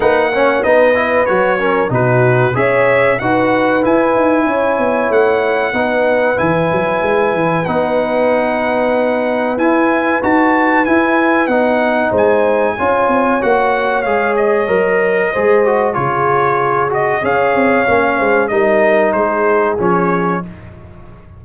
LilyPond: <<
  \new Staff \with { instrumentName = "trumpet" } { \time 4/4 \tempo 4 = 94 fis''4 dis''4 cis''4 b'4 | e''4 fis''4 gis''2 | fis''2 gis''2 | fis''2. gis''4 |
a''4 gis''4 fis''4 gis''4~ | gis''4 fis''4 f''8 dis''4.~ | dis''4 cis''4. dis''8 f''4~ | f''4 dis''4 c''4 cis''4 | }
  \new Staff \with { instrumentName = "horn" } { \time 4/4 b'8 cis''8 b'4. ais'8 fis'4 | cis''4 b'2 cis''4~ | cis''4 b'2.~ | b'1~ |
b'2. c''4 | cis''1 | c''4 gis'2 cis''4~ | cis''8 c''8 ais'4 gis'2 | }
  \new Staff \with { instrumentName = "trombone" } { \time 4/4 dis'8 cis'8 dis'8 e'8 fis'8 cis'8 dis'4 | gis'4 fis'4 e'2~ | e'4 dis'4 e'2 | dis'2. e'4 |
fis'4 e'4 dis'2 | f'4 fis'4 gis'4 ais'4 | gis'8 fis'8 f'4. fis'8 gis'4 | cis'4 dis'2 cis'4 | }
  \new Staff \with { instrumentName = "tuba" } { \time 4/4 ais4 b4 fis4 b,4 | cis'4 dis'4 e'8 dis'8 cis'8 b8 | a4 b4 e8 fis8 gis8 e8 | b2. e'4 |
dis'4 e'4 b4 gis4 | cis'8 c'8 ais4 gis4 fis4 | gis4 cis2 cis'8 c'8 | ais8 gis8 g4 gis4 f4 | }
>>